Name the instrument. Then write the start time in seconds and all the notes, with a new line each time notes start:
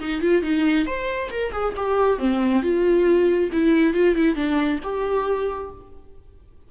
viola
0.00 D#4
0.21 F4
0.42 D#4
0.86 C5
1.31 A#4
1.52 G#4
1.77 G4
2.19 C4
2.62 F4
3.52 E4
3.94 F4
4.15 E4
4.35 D4
4.83 G4